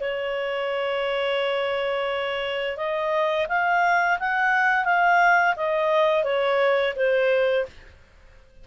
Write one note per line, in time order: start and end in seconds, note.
0.00 2.77 C#5
2.77 3.46 D#5
3.48 4.18 F5
4.19 4.84 F#5
4.84 5.54 F5
5.56 6.23 D#5
6.23 6.93 C#5
6.95 7.65 C5